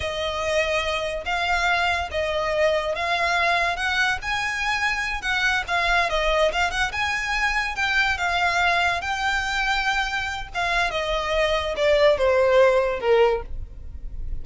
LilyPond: \new Staff \with { instrumentName = "violin" } { \time 4/4 \tempo 4 = 143 dis''2. f''4~ | f''4 dis''2 f''4~ | f''4 fis''4 gis''2~ | gis''8 fis''4 f''4 dis''4 f''8 |
fis''8 gis''2 g''4 f''8~ | f''4. g''2~ g''8~ | g''4 f''4 dis''2 | d''4 c''2 ais'4 | }